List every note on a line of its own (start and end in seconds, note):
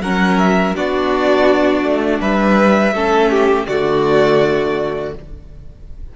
0.00 0.73 F#3
0.00 0.75 C#4
0.00 0.75 A#4
0.00 0.38 F#5
0.38 0.74 E5
0.75 1.83 B3
0.75 2.94 D4
0.75 2.20 F#4
0.75 2.21 D5
1.83 2.19 A3
2.20 2.92 G3
2.20 2.94 B4
2.20 3.66 E5
2.92 3.65 A3
2.92 3.68 C#4
2.92 3.30 A4
3.30 3.66 G4
3.66 5.14 D3
3.66 5.16 A3
3.66 5.14 F#4
3.66 5.12 D5